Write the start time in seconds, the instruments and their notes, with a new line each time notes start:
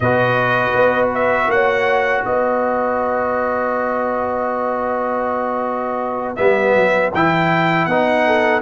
0.00 tuba B2, trombone F#4, horn B4, trumpet D#5
0.74 tuba B3
1.14 trumpet E5
1.47 tuba A#3, horn C#5, trumpet F#5
2.24 tuba B3, horn B4, trumpet D#5
6.35 tuba G3, trombone B3, trumpet E5
6.74 tuba F#3
7.13 tuba E3, trombone E4, trumpet G5
7.85 tuba B3, trombone D#4, trumpet F#5
8.25 horn A4